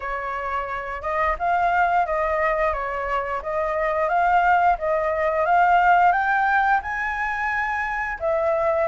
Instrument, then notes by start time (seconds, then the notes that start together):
flute
0.00 C#5
1.01 D#5
1.38 F5
2.05 D#5
2.73 C#5
3.42 D#5
4.08 F5
4.78 D#5
5.45 F5
6.12 G5
6.82 G#5
8.19 E5